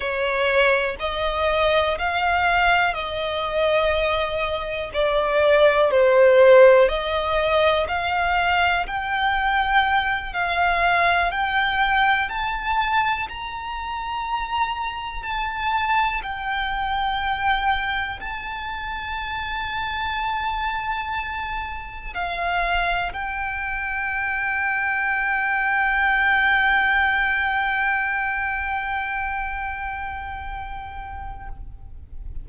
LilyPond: \new Staff \with { instrumentName = "violin" } { \time 4/4 \tempo 4 = 61 cis''4 dis''4 f''4 dis''4~ | dis''4 d''4 c''4 dis''4 | f''4 g''4. f''4 g''8~ | g''8 a''4 ais''2 a''8~ |
a''8 g''2 a''4.~ | a''2~ a''8 f''4 g''8~ | g''1~ | g''1 | }